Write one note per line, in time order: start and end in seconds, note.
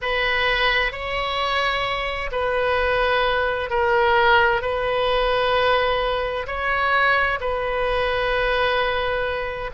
0.01 0.92 B4
0.92 2.30 C#5
2.31 3.69 B4
3.69 4.62 A#4
4.62 6.46 B4
6.46 7.38 C#5
7.40 9.70 B4